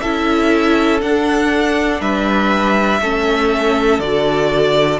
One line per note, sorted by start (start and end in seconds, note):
0.00 1.02 C#4
0.00 1.01 E4
0.00 2.00 A4
0.00 1.00 E5
1.01 3.01 D4
1.01 2.00 D4
1.01 2.01 F#5
2.00 3.00 G3
2.00 3.00 B4
2.00 3.99 E5
3.01 3.99 A3
3.01 4.02 C#4
3.01 4.99 A4
3.99 4.99 D3
3.99 4.99 F#4
3.99 4.99 D5